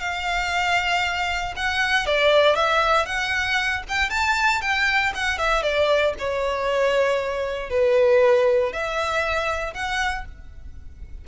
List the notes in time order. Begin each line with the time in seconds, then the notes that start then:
0.00 F5
1.56 F#5
2.06 D5
2.55 E5
3.06 F#5
3.88 G5
4.10 A5
4.61 G5
5.14 F#5
5.38 E5
5.62 D5
6.18 C#5
7.70 B4
8.72 E5
9.73 F#5